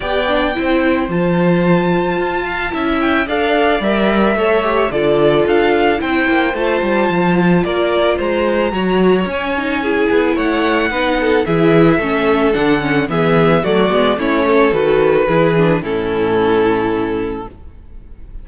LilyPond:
<<
  \new Staff \with { instrumentName = "violin" } { \time 4/4 \tempo 4 = 110 g''2 a''2~ | a''4. g''8 f''4 e''4~ | e''4 d''4 f''4 g''4 | a''2 d''4 ais''4~ |
ais''4 gis''2 fis''4~ | fis''4 e''2 fis''4 | e''4 d''4 cis''4 b'4~ | b'4 a'2. | }
  \new Staff \with { instrumentName = "violin" } { \time 4/4 d''4 c''2.~ | c''8 f''8 e''4 d''2 | cis''4 a'2 c''4~ | c''2 ais'4 c''4 |
cis''2 gis'4 cis''4 | b'8 a'8 gis'4 a'2 | gis'4 fis'4 e'8 a'4. | gis'4 e'2. | }
  \new Staff \with { instrumentName = "viola" } { \time 4/4 g'8 d'8 e'4 f'2~ | f'4 e'4 a'4 ais'4 | a'8 g'8 f'2 e'4 | f'1 |
fis'4 cis'8 dis'8 e'2 | dis'4 e'4 cis'4 d'8 cis'8 | b4 a8 b8 cis'4 fis'4 | e'8 d'8 cis'2. | }
  \new Staff \with { instrumentName = "cello" } { \time 4/4 b4 c'4 f2 | f'4 cis'4 d'4 g4 | a4 d4 d'4 c'8 ais8 | a8 g8 f4 ais4 gis4 |
fis4 cis'4. b8 a4 | b4 e4 a4 d4 | e4 fis8 gis8 a4 dis4 | e4 a,2. | }
>>